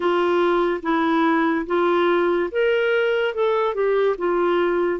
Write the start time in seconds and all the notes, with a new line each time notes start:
0.00 F4
0.82 E4
1.66 F4
2.51 A#4
3.34 A4
3.74 G4
4.18 F4